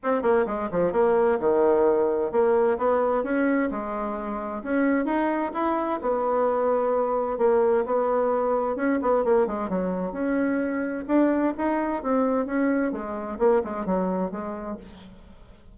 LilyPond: \new Staff \with { instrumentName = "bassoon" } { \time 4/4 \tempo 4 = 130 c'8 ais8 gis8 f8 ais4 dis4~ | dis4 ais4 b4 cis'4 | gis2 cis'4 dis'4 | e'4 b2. |
ais4 b2 cis'8 b8 | ais8 gis8 fis4 cis'2 | d'4 dis'4 c'4 cis'4 | gis4 ais8 gis8 fis4 gis4 | }